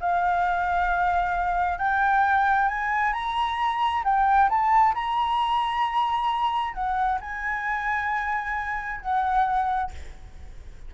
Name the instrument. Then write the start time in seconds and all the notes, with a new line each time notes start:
flute
0.00 F5
1.78 G5
2.68 G#5
3.13 A#5
4.04 G5
4.49 A5
4.95 A#5
6.74 F#5
7.21 G#5
9.01 F#5